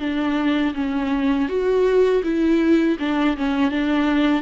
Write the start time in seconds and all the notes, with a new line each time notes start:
0.00 D4
0.75 C#4
1.49 F#4
2.24 E4
3.00 D4
3.38 C#4
3.71 D4